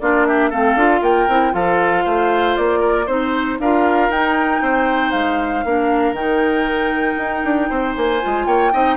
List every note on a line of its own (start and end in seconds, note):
0.00 0.51 A#3
0.00 0.52 D4
0.00 0.27 F4
0.00 0.25 D5
0.25 0.49 G4
0.25 0.51 E5
0.49 0.75 A3
0.49 0.77 C4
0.49 1.01 A4
0.49 1.03 F5
0.75 1.01 D4
0.75 1.29 F4
1.01 1.27 A#3
1.01 1.53 A#4
1.01 1.54 G5
1.27 1.53 C4
1.27 1.51 E4
1.51 2.05 F3
1.51 3.05 F4
1.51 2.04 A4
1.51 2.56 F5
2.04 2.56 A3
2.04 2.79 C5
2.56 3.07 A#3
2.56 3.07 D5
2.79 3.04 A#4
3.06 3.58 C4
3.06 3.59 D#4
3.06 3.57 C5
3.06 3.59 C5
3.58 4.09 D4
3.58 4.12 F4
3.58 4.62 A#4
3.58 4.11 F5
4.09 4.60 D#4
4.09 5.65 D#4
4.09 5.11 G5
4.60 5.12 C4
4.60 5.64 C5
5.11 5.64 G#3
5.11 6.13 F5
5.64 6.12 A#3
5.64 6.15 D4
5.64 7.69 A#4
6.12 7.14 D#3
6.12 8.20 D#4
6.12 7.94 G5
7.18 7.43 D#4
7.44 7.69 D4
7.69 7.95 C4
7.69 8.46 C5
7.95 8.22 A#3
7.95 8.45 G#5
8.21 8.46 G#3
8.21 8.72 F4
8.45 8.71 A#3
8.45 8.72 C#5
8.45 8.96 G5
8.72 8.96 C4
8.72 8.96 D#4
8.72 8.96 D#5